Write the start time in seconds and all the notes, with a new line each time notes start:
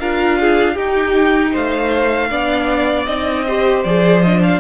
0.00 D4 F4 A#4 F5
0.40 G#4
0.75 D#4 G4 G5
1.52 A3 C5 F5
2.30 B3 D4 D5
3.06 C4 D#4 D#5
3.46 G4 C5
3.84 F3 G#4 D5
4.22 D4 D#5
4.43 F5